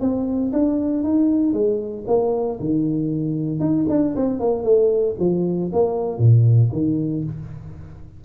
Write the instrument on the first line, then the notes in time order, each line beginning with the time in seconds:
tuba
0.00 C4
0.53 D4
1.04 D#4
1.53 G#3
2.07 A#3
2.60 D#3
3.60 D#4
3.89 D4
4.16 C4
4.40 A#3
4.64 A3
5.19 F3
5.72 A#3
6.18 A#2
6.72 D#3